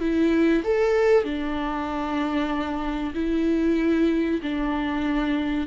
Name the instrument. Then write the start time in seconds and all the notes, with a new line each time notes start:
viola
0.00 E4
0.64 A4
1.24 D4
3.15 E4
4.43 D4